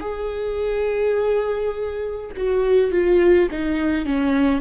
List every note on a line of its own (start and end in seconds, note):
0.00 2.31 G#4
2.37 2.91 F#4
2.91 3.49 F4
3.51 4.05 D#4
4.05 4.61 C#4